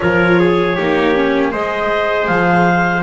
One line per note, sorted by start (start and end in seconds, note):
0.00 0.78 F3
0.00 0.76 F4
0.00 0.39 A#4
0.00 1.48 C#5
0.39 0.75 G#4
0.75 1.54 A#3
0.75 1.14 D#4
0.75 1.51 G4
1.14 1.51 C#4
1.51 2.28 G#3
1.51 3.02 G#4
1.51 3.02 C5
1.51 2.27 D#5
2.27 3.02 F3
2.27 3.02 F5